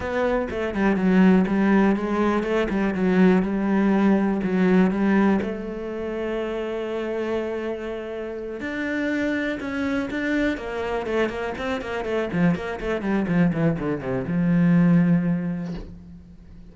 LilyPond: \new Staff \with { instrumentName = "cello" } { \time 4/4 \tempo 4 = 122 b4 a8 g8 fis4 g4 | gis4 a8 g8 fis4 g4~ | g4 fis4 g4 a4~ | a1~ |
a4. d'2 cis'8~ | cis'8 d'4 ais4 a8 ais8 c'8 | ais8 a8 f8 ais8 a8 g8 f8 e8 | d8 c8 f2. | }